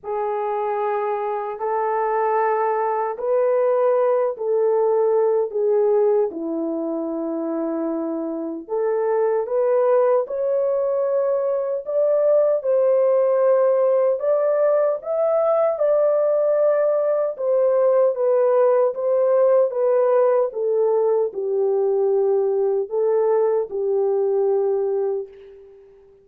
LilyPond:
\new Staff \with { instrumentName = "horn" } { \time 4/4 \tempo 4 = 76 gis'2 a'2 | b'4. a'4. gis'4 | e'2. a'4 | b'4 cis''2 d''4 |
c''2 d''4 e''4 | d''2 c''4 b'4 | c''4 b'4 a'4 g'4~ | g'4 a'4 g'2 | }